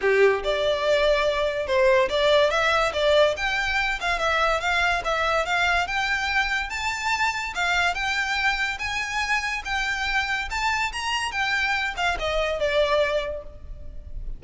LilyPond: \new Staff \with { instrumentName = "violin" } { \time 4/4 \tempo 4 = 143 g'4 d''2. | c''4 d''4 e''4 d''4 | g''4. f''8 e''4 f''4 | e''4 f''4 g''2 |
a''2 f''4 g''4~ | g''4 gis''2 g''4~ | g''4 a''4 ais''4 g''4~ | g''8 f''8 dis''4 d''2 | }